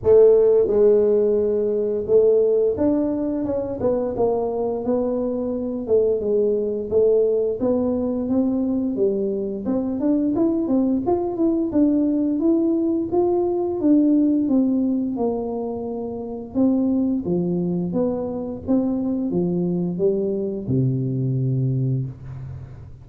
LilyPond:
\new Staff \with { instrumentName = "tuba" } { \time 4/4 \tempo 4 = 87 a4 gis2 a4 | d'4 cis'8 b8 ais4 b4~ | b8 a8 gis4 a4 b4 | c'4 g4 c'8 d'8 e'8 c'8 |
f'8 e'8 d'4 e'4 f'4 | d'4 c'4 ais2 | c'4 f4 b4 c'4 | f4 g4 c2 | }